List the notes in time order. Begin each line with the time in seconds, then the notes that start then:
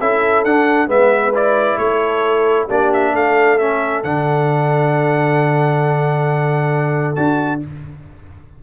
0.00 C#4 E4 A4 E5
0.45 D4 F#5
0.88 G#3 B3 B4 E5
1.35 E4 D5
1.78 A3 A4 C#5
2.68 A#3 D4 G4 D5
2.94 E5
3.14 A3 A4 F5
3.58 C#4 E5
4.04 D3 D4 F#5
7.16 D4 F#4 A5